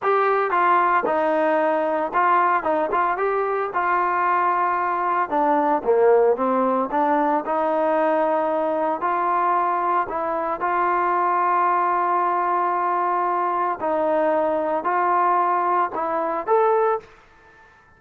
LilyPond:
\new Staff \with { instrumentName = "trombone" } { \time 4/4 \tempo 4 = 113 g'4 f'4 dis'2 | f'4 dis'8 f'8 g'4 f'4~ | f'2 d'4 ais4 | c'4 d'4 dis'2~ |
dis'4 f'2 e'4 | f'1~ | f'2 dis'2 | f'2 e'4 a'4 | }